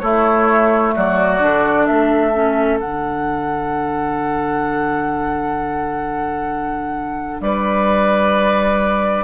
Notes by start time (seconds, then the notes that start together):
0.00 A3 E4 C#5
0.96 F#3 F#4 D5
1.40 D3 D4
1.87 A3 A4 E5
2.34 C#4
2.80 D3 D4 F#5
7.41 G3 B4 D5